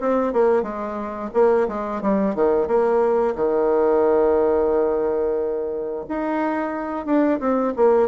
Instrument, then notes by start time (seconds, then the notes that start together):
bassoon
0.00 C4
0.33 A#3
0.62 G#3
1.34 A#3
1.68 G#3
2.01 G3
2.35 D#3
2.67 A#3
3.35 D#3
6.09 D#4
7.05 D4
7.39 C4
7.76 A#3